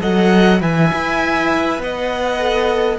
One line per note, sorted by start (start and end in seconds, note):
0.00 0.61 F#3
0.00 0.58 A4
0.00 0.61 D#5
0.00 0.61 F#5
0.58 0.91 E3
0.58 2.39 B4
0.58 1.81 E5
0.58 1.81 G#5
0.93 1.78 E4
1.78 2.98 B3
1.78 2.98 D#5
1.78 2.98 F#5
2.39 2.98 A4